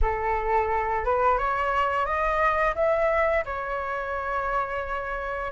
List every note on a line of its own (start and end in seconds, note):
0.01 1.04 A4
1.04 1.38 B4
1.38 2.05 C#5
2.05 2.74 D#5
2.75 3.44 E5
3.45 5.52 C#5